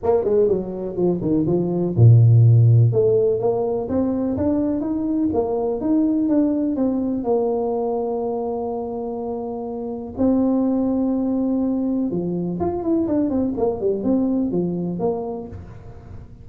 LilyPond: \new Staff \with { instrumentName = "tuba" } { \time 4/4 \tempo 4 = 124 ais8 gis8 fis4 f8 dis8 f4 | ais,2 a4 ais4 | c'4 d'4 dis'4 ais4 | dis'4 d'4 c'4 ais4~ |
ais1~ | ais4 c'2.~ | c'4 f4 f'8 e'8 d'8 c'8 | ais8 g8 c'4 f4 ais4 | }